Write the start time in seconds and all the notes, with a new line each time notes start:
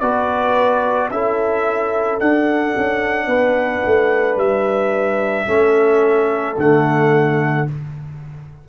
0.00 B3 F#4 B4 D5
1.10 C#4 E4 A4 E5
2.20 D4 F#5
2.77 C#4
3.26 B3 B4
3.86 A3
4.36 G3 E5
5.47 A3 C#4 A4
6.58 D3 A3 F#5